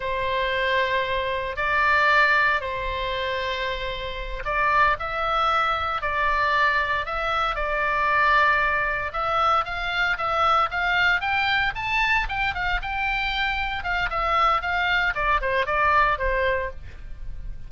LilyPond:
\new Staff \with { instrumentName = "oboe" } { \time 4/4 \tempo 4 = 115 c''2. d''4~ | d''4 c''2.~ | c''8 d''4 e''2 d''8~ | d''4. e''4 d''4.~ |
d''4. e''4 f''4 e''8~ | e''8 f''4 g''4 a''4 g''8 | f''8 g''2 f''8 e''4 | f''4 d''8 c''8 d''4 c''4 | }